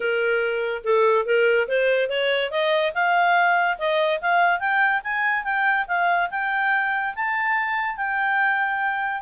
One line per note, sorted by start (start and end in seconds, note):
0.00 0.82 A#4
0.84 1.25 A4
1.25 1.67 A#4
1.68 2.09 C5
2.09 2.50 C#5
2.50 2.92 D#5
2.94 3.78 F5
3.78 4.20 D#5
4.21 4.59 F5
4.59 5.01 G5
5.03 5.43 G#5
5.43 5.85 G5
5.87 6.29 F5
6.30 7.14 G5
7.15 7.96 A5
7.96 9.22 G5